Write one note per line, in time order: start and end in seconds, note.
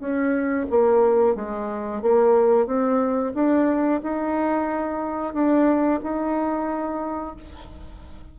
0.00 0.67 C#4
0.70 1.36 A#3
1.36 2.02 G#3
2.02 2.67 A#3
2.67 3.33 C4
3.35 4.01 D4
4.03 5.34 D#4
5.34 6.01 D4
6.03 7.36 D#4